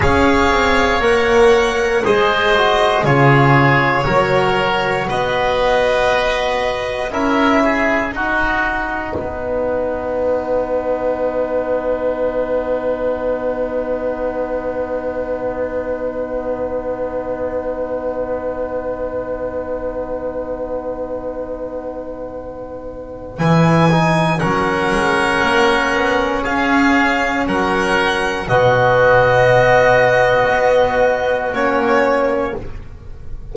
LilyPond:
<<
  \new Staff \with { instrumentName = "violin" } { \time 4/4 \tempo 4 = 59 f''4 fis''4 dis''4 cis''4~ | cis''4 dis''2 e''4 | fis''1~ | fis''1~ |
fis''1~ | fis''2. gis''4 | fis''2 f''4 fis''4 | dis''2. cis''4 | }
  \new Staff \with { instrumentName = "oboe" } { \time 4/4 cis''2 c''4 gis'4 | ais'4 b'2 ais'8 gis'8 | fis'4 b'2.~ | b'1~ |
b'1~ | b'1 | ais'2 gis'4 ais'4 | fis'1 | }
  \new Staff \with { instrumentName = "trombone" } { \time 4/4 gis'4 ais'4 gis'8 fis'8 f'4 | fis'2. e'4 | dis'1~ | dis'1~ |
dis'1~ | dis'2. e'8 dis'8 | cis'1 | b2. cis'4 | }
  \new Staff \with { instrumentName = "double bass" } { \time 4/4 cis'8 c'8 ais4 gis4 cis4 | fis4 b2 cis'4 | dis'4 b2.~ | b1~ |
b1~ | b2. e4 | fis8 gis8 ais8 b8 cis'4 fis4 | b,2 b4 ais4 | }
>>